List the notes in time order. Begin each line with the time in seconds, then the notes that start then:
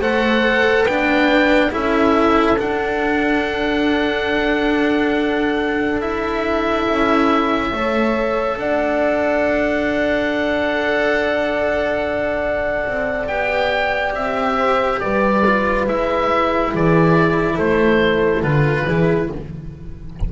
0.00 A3 A4 C5 F#5
0.84 B3 D4 B4 G5
1.71 C#4 E4 A4 E5
2.58 D4 F#5
6.01 E4 E5
6.89 C#4
7.72 A3 A4 C#5
8.57 D4 D5 F#5
12.86 C4
13.27 B3 G4 G5
14.13 C4 E5
14.57 C5
15.00 G3 B4 D5
15.46 F4
15.87 G#3 E4 E5
16.72 E3 G#4 D5
17.55 A3 A4 C5
18.42 D3 F4 B4
18.86 E3 E4 G#4